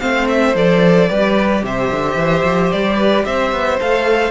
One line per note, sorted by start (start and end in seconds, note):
0.00 0.55 A3
0.00 0.54 C4
0.00 1.09 C5
0.00 0.27 F5
0.28 0.55 E5
0.55 1.09 F3
0.55 1.09 A4
0.55 1.65 D5
1.09 1.63 G3
1.09 3.79 G4
1.09 1.63 B4
1.63 1.90 C3
1.63 2.96 C5
1.63 2.72 E5
1.90 2.15 D3
2.15 2.42 E3
2.44 2.71 F3
2.72 3.26 G3
2.72 3.25 D5
2.96 3.23 B4
3.25 3.52 C4
3.25 4.31 C5
3.25 3.79 E5
3.52 3.79 B3
3.80 4.31 A3
3.80 4.31 A4
3.80 4.31 F5